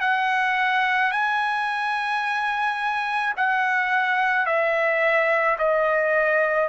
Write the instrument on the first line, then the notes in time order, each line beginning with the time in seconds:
trumpet
0.00 F#5
1.11 G#5
3.36 F#5
4.46 E5
5.58 D#5